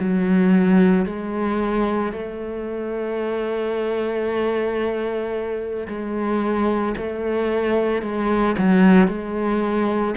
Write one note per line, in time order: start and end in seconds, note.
0.00 1.06 F#3
1.06 2.13 G#3
2.13 5.88 A3
5.89 6.96 G#3
6.97 8.03 A3
8.03 8.56 G#3
8.59 9.08 F#3
9.08 10.15 G#3